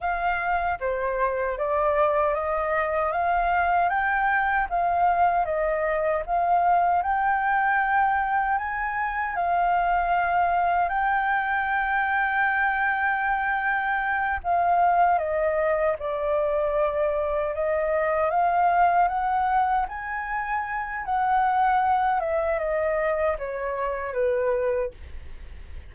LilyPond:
\new Staff \with { instrumentName = "flute" } { \time 4/4 \tempo 4 = 77 f''4 c''4 d''4 dis''4 | f''4 g''4 f''4 dis''4 | f''4 g''2 gis''4 | f''2 g''2~ |
g''2~ g''8 f''4 dis''8~ | dis''8 d''2 dis''4 f''8~ | f''8 fis''4 gis''4. fis''4~ | fis''8 e''8 dis''4 cis''4 b'4 | }